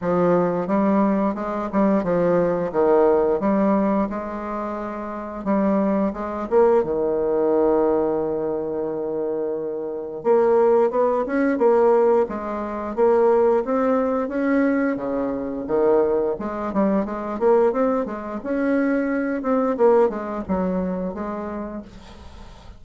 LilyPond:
\new Staff \with { instrumentName = "bassoon" } { \time 4/4 \tempo 4 = 88 f4 g4 gis8 g8 f4 | dis4 g4 gis2 | g4 gis8 ais8 dis2~ | dis2. ais4 |
b8 cis'8 ais4 gis4 ais4 | c'4 cis'4 cis4 dis4 | gis8 g8 gis8 ais8 c'8 gis8 cis'4~ | cis'8 c'8 ais8 gis8 fis4 gis4 | }